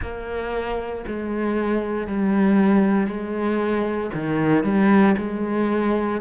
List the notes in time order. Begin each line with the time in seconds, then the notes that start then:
0.01 A#3
1.07 G#3
2.07 G3
3.07 G#3
4.14 D#3
4.63 G3
5.17 G#3